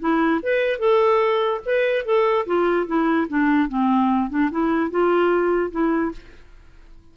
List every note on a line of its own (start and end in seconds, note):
0.00 0.41 E4
0.43 0.79 B4
0.79 1.61 A4
1.66 2.05 B4
2.05 2.46 A4
2.46 2.87 F4
2.87 3.28 E4
3.28 3.69 D4
3.69 4.30 C4
4.30 4.50 D4
4.51 4.91 E4
4.91 5.71 F4
5.71 6.12 E4